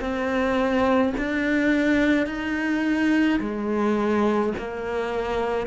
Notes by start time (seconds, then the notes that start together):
0.00 C4
1.17 D4
2.26 D#4
3.40 G#3
4.58 A#3